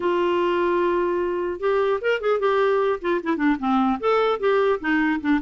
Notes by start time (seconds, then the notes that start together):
0.00 F4
1.60 G4
2.01 A#4
2.21 G#4
2.39 G4
3.01 F4
3.23 E4
3.36 D4
3.59 C4
4.00 A4
4.39 G4
4.80 D#4
5.20 D4